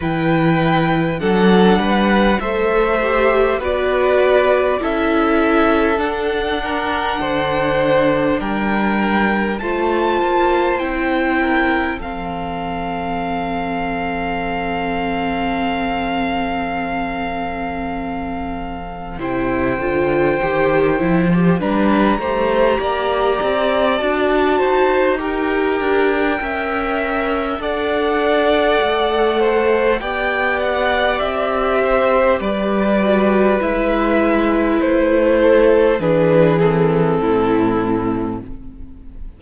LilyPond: <<
  \new Staff \with { instrumentName = "violin" } { \time 4/4 \tempo 4 = 50 g''4 fis''4 e''4 d''4 | e''4 fis''2 g''4 | a''4 g''4 f''2~ | f''1 |
g''2 ais''2 | a''4 g''2 fis''4~ | fis''4 g''8 fis''8 e''4 d''4 | e''4 c''4 b'8 a'4. | }
  \new Staff \with { instrumentName = "violin" } { \time 4/4 b'4 a'8 b'8 c''4 b'4 | a'4. ais'8 c''4 ais'4 | c''4. ais'8 a'2~ | a'1 |
c''2 b'8 c''8 d''4~ | d''8 c''8 ais'4 e''4 d''4~ | d''8 c''8 d''4. c''8 b'4~ | b'4. a'8 gis'4 e'4 | }
  \new Staff \with { instrumentName = "viola" } { \time 4/4 e'4 d'4 a'8 g'8 fis'4 | e'4 d'2. | f'4 e'4 c'2~ | c'1 |
e'8 f'8 g'8 e'16 g'16 d'8 g'4. | fis'4 g'4 ais'4 a'4~ | a'4 g'2~ g'8 fis'8 | e'2 d'8 c'4. | }
  \new Staff \with { instrumentName = "cello" } { \time 4/4 e4 fis8 g8 a4 b4 | cis'4 d'4 d4 g4 | a8 ais8 c'4 f2~ | f1 |
c8 d8 dis8 f8 g8 a8 ais8 c'8 | d'8 dis'4 d'8 cis'4 d'4 | a4 b4 c'4 g4 | gis4 a4 e4 a,4 | }
>>